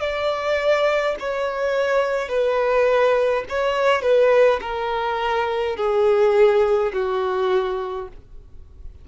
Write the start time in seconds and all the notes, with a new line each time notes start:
0.00 D5
1.20 C#5
2.29 B4
3.49 C#5
4.02 B4
4.61 A#4
5.77 G#4
6.93 F#4